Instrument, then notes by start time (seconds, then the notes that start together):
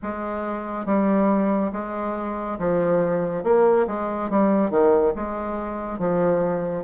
bassoon
0.02 G#3
0.85 G3
1.72 G#3
2.58 F3
3.43 A#3
3.87 G#3
4.29 G3
4.70 D#3
5.15 G#3
5.98 F3